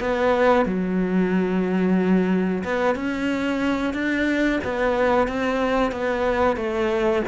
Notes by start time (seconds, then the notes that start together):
0.00 B3
0.66 F#3
2.64 B3
2.95 C#4
3.94 D4
4.64 B3
5.27 C4
5.92 B3
6.56 A3